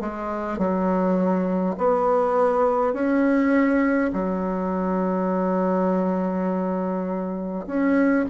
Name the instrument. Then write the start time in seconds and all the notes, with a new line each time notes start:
bassoon
0.00 G#3
0.58 F#3
1.78 B3
2.94 C#4
4.13 F#3
7.67 C#4